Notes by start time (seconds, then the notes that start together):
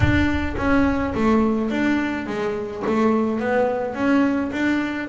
0.00 D4
0.57 C#4
1.14 A3
1.70 D4
2.26 G#3
2.86 A3
3.39 B3
3.94 C#4
4.52 D4